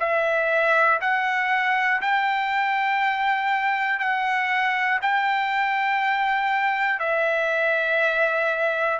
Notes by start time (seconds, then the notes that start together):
0.00 E5
1.01 F#5
2.01 G5
4.00 F#5
5.02 G5
7.00 E5